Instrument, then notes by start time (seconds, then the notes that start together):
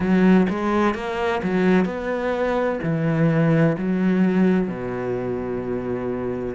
cello
0.00 F#3
0.49 G#3
0.94 A#3
1.43 F#3
1.85 B3
2.82 E3
3.78 F#3
4.67 B2